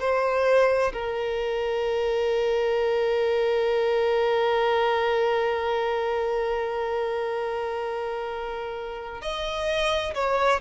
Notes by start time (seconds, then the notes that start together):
0.00 C5
0.93 A#4
9.21 D#5
10.14 C#5